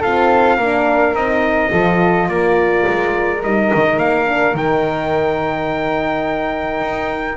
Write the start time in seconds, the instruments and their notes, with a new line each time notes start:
0.00 horn C4, double bass F4, flute A4, trumpet F5
0.57 double bass A#3, horn D4, flute A#4
1.14 double bass C4, horn D#4, trumpet D#5
1.70 double bass F3, horn F4, flute A4
2.28 double bass A#3, flute A#4, trumpet D5
2.88 double bass G#3
3.43 double bass G3, horn D#4, trumpet D#5
3.75 double bass D#3
3.98 double bass A#3, trumpet F5
4.26 horn D4
4.54 double bass D#3, horn D#4, trumpet G5
6.80 double bass D#4